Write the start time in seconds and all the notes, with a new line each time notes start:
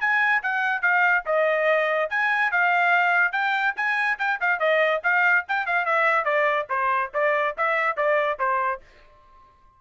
0.00 G#5
0.42 F#5
0.81 F5
1.25 D#5
2.10 G#5
2.51 F5
3.32 G5
3.76 G#5
4.18 G5
4.40 F5
4.59 D#5
5.03 F5
5.48 G5
5.66 F5
5.85 E5
6.24 D5
6.69 C5
7.14 D5
7.57 E5
7.96 D5
8.39 C5